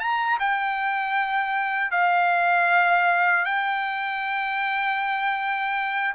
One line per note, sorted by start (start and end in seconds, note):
0.00 0.38 A#5
0.40 1.91 G5
1.91 3.45 F5
3.45 6.14 G5